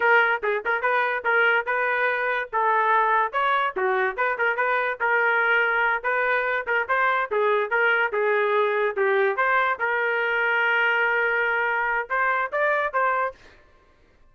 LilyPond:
\new Staff \with { instrumentName = "trumpet" } { \time 4/4 \tempo 4 = 144 ais'4 gis'8 ais'8 b'4 ais'4 | b'2 a'2 | cis''4 fis'4 b'8 ais'8 b'4 | ais'2~ ais'8 b'4. |
ais'8 c''4 gis'4 ais'4 gis'8~ | gis'4. g'4 c''4 ais'8~ | ais'1~ | ais'4 c''4 d''4 c''4 | }